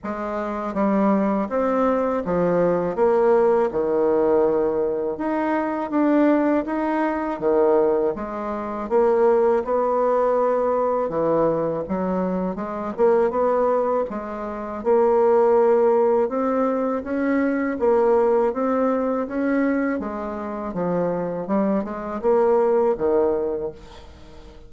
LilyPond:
\new Staff \with { instrumentName = "bassoon" } { \time 4/4 \tempo 4 = 81 gis4 g4 c'4 f4 | ais4 dis2 dis'4 | d'4 dis'4 dis4 gis4 | ais4 b2 e4 |
fis4 gis8 ais8 b4 gis4 | ais2 c'4 cis'4 | ais4 c'4 cis'4 gis4 | f4 g8 gis8 ais4 dis4 | }